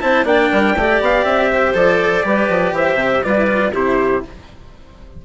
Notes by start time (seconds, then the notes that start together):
0.00 C4 E4 C5 A5
0.24 A#3 D4 D5 G5
0.50 G3 A#4
0.76 A3 G4 D5
1.00 B3 F5
1.24 C4 E5
1.50 C5
1.74 F3 A4 D5
2.23 G3 G4 B4
2.49 F3
2.72 E3 C5 E5
2.95 C3
3.23 G3 F4 B4 D5
3.37 E4
3.47 F4
3.73 C3 E4 G4 C5